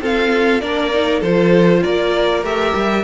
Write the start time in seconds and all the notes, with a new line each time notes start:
0.00 C4 F4 A4 F5
0.60 A#3 D4 A#4 D5
0.93 D#4
1.20 F3 F4 A4 C5
1.83 A#3 A#4 D5
2.42 A3 G4 E5
2.74 G3